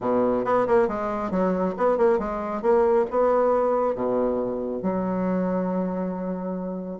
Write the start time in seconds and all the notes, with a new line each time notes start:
0.00 B2
0.45 B3
0.67 A#3
0.88 G#3
1.30 F#3
1.77 B3
1.97 A#3
2.19 G#3
2.62 A#3
3.10 B3
3.95 B2
4.82 F#3